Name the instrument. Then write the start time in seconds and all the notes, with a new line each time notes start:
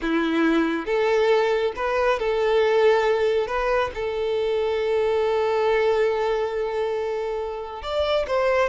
violin
0.01 E4
0.85 A4
1.75 B4
2.19 A4
3.47 B4
3.94 A4
7.82 D5
8.27 C5